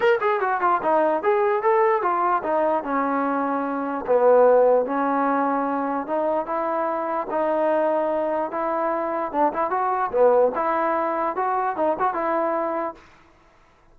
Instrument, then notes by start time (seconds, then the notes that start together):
trombone
0.00 A#4
0.20 G#4
0.40 F#4
0.60 F4
0.82 D#4
1.22 G#4
1.62 A4
2.02 F4
2.43 D#4
2.83 C#4
4.06 B3
4.85 C#4
6.06 D#4
6.46 E4
7.30 D#4
8.51 E4
9.32 D4
9.53 E4
9.70 F#4
10.11 B3
10.55 E4
11.36 F#4
11.76 D#4
11.99 F#4
12.13 E4